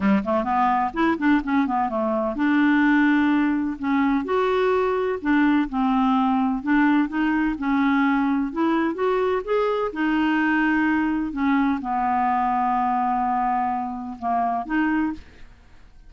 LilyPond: \new Staff \with { instrumentName = "clarinet" } { \time 4/4 \tempo 4 = 127 g8 a8 b4 e'8 d'8 cis'8 b8 | a4 d'2. | cis'4 fis'2 d'4 | c'2 d'4 dis'4 |
cis'2 e'4 fis'4 | gis'4 dis'2. | cis'4 b2.~ | b2 ais4 dis'4 | }